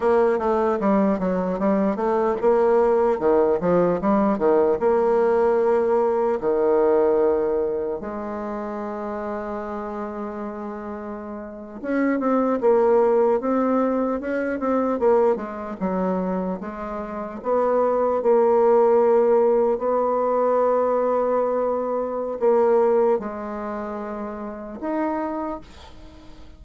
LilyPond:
\new Staff \with { instrumentName = "bassoon" } { \time 4/4 \tempo 4 = 75 ais8 a8 g8 fis8 g8 a8 ais4 | dis8 f8 g8 dis8 ais2 | dis2 gis2~ | gis2~ gis8. cis'8 c'8 ais16~ |
ais8. c'4 cis'8 c'8 ais8 gis8 fis16~ | fis8. gis4 b4 ais4~ ais16~ | ais8. b2.~ b16 | ais4 gis2 dis'4 | }